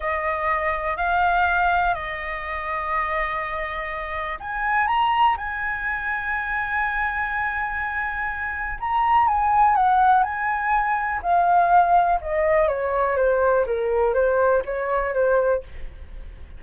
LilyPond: \new Staff \with { instrumentName = "flute" } { \time 4/4 \tempo 4 = 123 dis''2 f''2 | dis''1~ | dis''4 gis''4 ais''4 gis''4~ | gis''1~ |
gis''2 ais''4 gis''4 | fis''4 gis''2 f''4~ | f''4 dis''4 cis''4 c''4 | ais'4 c''4 cis''4 c''4 | }